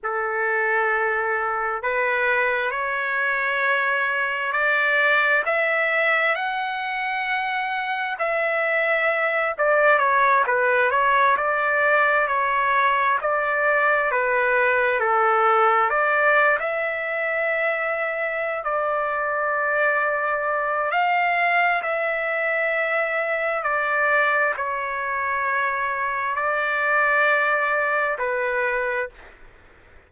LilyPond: \new Staff \with { instrumentName = "trumpet" } { \time 4/4 \tempo 4 = 66 a'2 b'4 cis''4~ | cis''4 d''4 e''4 fis''4~ | fis''4 e''4. d''8 cis''8 b'8 | cis''8 d''4 cis''4 d''4 b'8~ |
b'8 a'4 d''8. e''4.~ e''16~ | e''8 d''2~ d''8 f''4 | e''2 d''4 cis''4~ | cis''4 d''2 b'4 | }